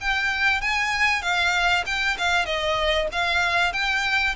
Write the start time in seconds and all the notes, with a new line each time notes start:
0.00 G5
0.61 G#5
1.22 F5
1.86 G5
2.18 F5
2.45 D#5
3.12 F5
3.72 G5